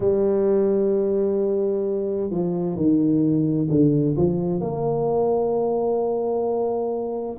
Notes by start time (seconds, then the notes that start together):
0.00 G3
2.30 F3
2.76 D#3
3.70 D3
4.17 F3
4.60 A#3